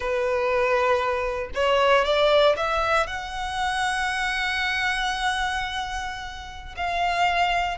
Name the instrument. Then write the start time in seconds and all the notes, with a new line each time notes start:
violin
0.00 B4
1.54 C#5
2.05 D5
2.57 E5
3.06 F#5
6.76 F5